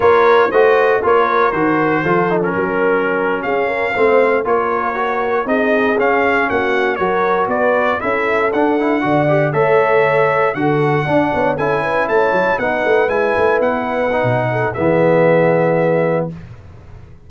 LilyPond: <<
  \new Staff \with { instrumentName = "trumpet" } { \time 4/4 \tempo 4 = 118 cis''4 dis''4 cis''4 c''4~ | c''8. ais'2 f''4~ f''16~ | f''8. cis''2 dis''4 f''16~ | f''8. fis''4 cis''4 d''4 e''16~ |
e''8. fis''2 e''4~ e''16~ | e''8. fis''2 gis''4 a''16~ | a''8. fis''4 gis''4 fis''4~ fis''16~ | fis''4 e''2. | }
  \new Staff \with { instrumentName = "horn" } { \time 4/4 ais'4 c''4 ais'2 | a'4 ais'4.~ ais'16 gis'8 ais'8 c''16~ | c''8. ais'2 gis'4~ gis'16~ | gis'8. fis'4 ais'4 b'4 a'16~ |
a'4.~ a'16 d''4 cis''4~ cis''16~ | cis''8. a'4 d''8 cis''8 a'8 b'8 cis''16~ | cis''8. b'2.~ b'16~ | b'8 a'8 gis'2. | }
  \new Staff \with { instrumentName = "trombone" } { \time 4/4 f'4 fis'4 f'4 fis'4 | f'8 dis'16 cis'2. c'16~ | c'8. f'4 fis'4 dis'4 cis'16~ | cis'4.~ cis'16 fis'2 e'16~ |
e'8. d'8 e'8 fis'8 g'8 a'4~ a'16~ | a'8. fis'4 d'4 e'4~ e'16~ | e'8. dis'4 e'2 dis'16~ | dis'4 b2. | }
  \new Staff \with { instrumentName = "tuba" } { \time 4/4 ais4 a4 ais4 dis4 | f4 fis4.~ fis16 cis'4 a16~ | a8. ais2 c'4 cis'16~ | cis'8. ais4 fis4 b4 cis'16~ |
cis'8. d'4 d4 a4~ a16~ | a8. d4 d'8 b8 cis'4 a16~ | a16 fis8 b8 a8 gis8 a8 b4~ b16 | b,4 e2. | }
>>